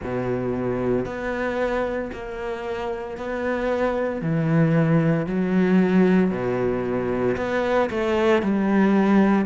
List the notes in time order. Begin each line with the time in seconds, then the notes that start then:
0.02 B2
1.05 B3
2.12 A#3
3.17 B3
4.21 E3
5.26 F#3
6.30 B2
7.36 B3
7.89 A3
8.42 G3